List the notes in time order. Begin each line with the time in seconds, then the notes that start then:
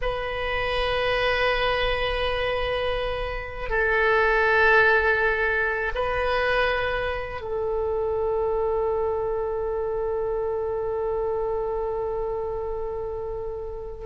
0.01 B4
3.69 A4
5.95 B4
7.41 A4